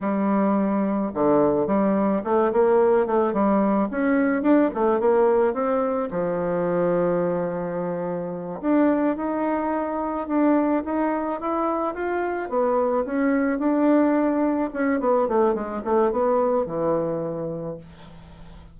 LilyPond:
\new Staff \with { instrumentName = "bassoon" } { \time 4/4 \tempo 4 = 108 g2 d4 g4 | a8 ais4 a8 g4 cis'4 | d'8 a8 ais4 c'4 f4~ | f2.~ f8 d'8~ |
d'8 dis'2 d'4 dis'8~ | dis'8 e'4 f'4 b4 cis'8~ | cis'8 d'2 cis'8 b8 a8 | gis8 a8 b4 e2 | }